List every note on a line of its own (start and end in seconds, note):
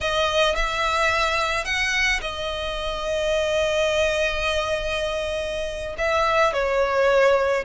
0.00 0.55 D#5
0.55 1.65 E5
1.65 2.20 F#5
2.21 5.96 D#5
5.97 6.53 E5
6.53 7.64 C#5